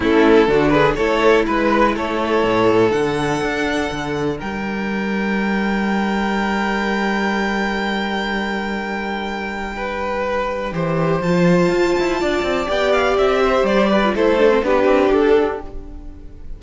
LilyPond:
<<
  \new Staff \with { instrumentName = "violin" } { \time 4/4 \tempo 4 = 123 a'4. b'8 cis''4 b'4 | cis''2 fis''2~ | fis''4 g''2.~ | g''1~ |
g''1~ | g''2. a''4~ | a''2 g''8 f''8 e''4 | d''4 c''4 b'4 a'4 | }
  \new Staff \with { instrumentName = "violin" } { \time 4/4 e'4 fis'8 gis'8 a'4 b'4 | a'1~ | a'4 ais'2.~ | ais'1~ |
ais'1 | b'2 c''2~ | c''4 d''2~ d''8 c''8~ | c''8 b'8 a'4 g'2 | }
  \new Staff \with { instrumentName = "viola" } { \time 4/4 cis'4 d'4 e'2~ | e'2 d'2~ | d'1~ | d'1~ |
d'1~ | d'2 g'4 f'4~ | f'2 g'2~ | g'8. f'16 e'8 d'16 c'16 d'2 | }
  \new Staff \with { instrumentName = "cello" } { \time 4/4 a4 d4 a4 gis4 | a4 a,4 d4 d'4 | d4 g2.~ | g1~ |
g1~ | g2 e4 f4 | f'8 e'8 d'8 c'8 b4 c'4 | g4 a4 b8 c'8 d'4 | }
>>